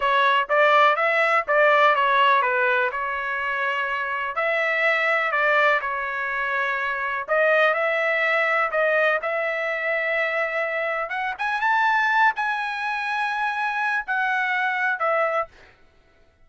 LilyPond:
\new Staff \with { instrumentName = "trumpet" } { \time 4/4 \tempo 4 = 124 cis''4 d''4 e''4 d''4 | cis''4 b'4 cis''2~ | cis''4 e''2 d''4 | cis''2. dis''4 |
e''2 dis''4 e''4~ | e''2. fis''8 gis''8 | a''4. gis''2~ gis''8~ | gis''4 fis''2 e''4 | }